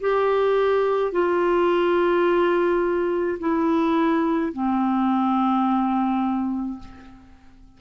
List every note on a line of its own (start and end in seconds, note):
0.00 1.12 G4
1.12 3.38 F4
3.39 4.52 E4
4.52 6.79 C4